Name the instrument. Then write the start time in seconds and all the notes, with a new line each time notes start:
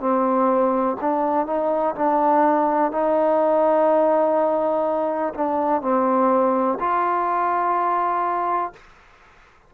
trombone
0.00 C4
1.01 D4
1.46 D#4
1.95 D4
2.92 D#4
5.34 D4
5.82 C4
6.80 F4